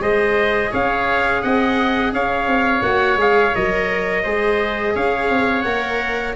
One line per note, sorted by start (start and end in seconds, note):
0.00 0.71 G#3
0.00 2.82 G#4
0.00 0.71 C5
0.00 0.73 D#5
0.71 1.44 C#4
0.71 1.42 C#5
0.71 1.42 F5
1.42 2.13 C4
1.42 2.14 D#5
1.42 2.13 F#5
2.13 2.47 C#4
2.13 4.23 C#5
2.13 2.83 F5
2.47 2.82 C4
2.82 3.17 A#3
2.82 3.18 F#4
2.82 3.18 F#5
3.17 3.52 G#3
3.17 3.54 G#4
3.17 3.56 F5
3.56 4.26 F#3
3.56 4.26 A#4
3.56 4.96 D#5
4.23 4.96 G#3
4.23 5.66 G#4
4.23 4.94 C5
4.95 5.30 C#4
4.95 6.36 C#5
4.95 5.62 F5
5.30 5.65 C4
5.62 6.36 A#3
5.62 6.36 A#4
5.62 6.33 F#5